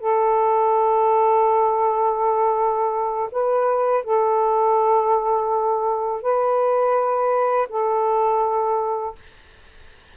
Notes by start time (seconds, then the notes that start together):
0.00 A4
3.32 B4
4.04 A4
6.22 B4
7.69 A4